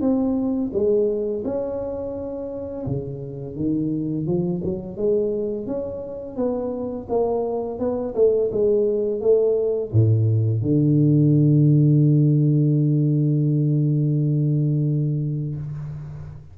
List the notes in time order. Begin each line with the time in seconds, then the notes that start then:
0.00 C4
0.73 G#3
1.44 C#4
2.86 C#3
3.55 D#3
4.26 F3
4.63 F#3
4.96 G#3
5.66 C#4
6.36 B3
7.09 A#3
7.79 B3
8.14 A3
8.51 G#3
9.21 A3
9.92 A2
10.61 D3